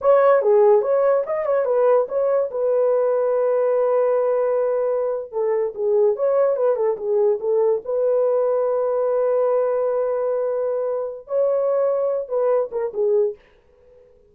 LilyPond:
\new Staff \with { instrumentName = "horn" } { \time 4/4 \tempo 4 = 144 cis''4 gis'4 cis''4 dis''8 cis''8 | b'4 cis''4 b'2~ | b'1~ | b'8. a'4 gis'4 cis''4 b'16~ |
b'16 a'8 gis'4 a'4 b'4~ b'16~ | b'1~ | b'2. cis''4~ | cis''4. b'4 ais'8 gis'4 | }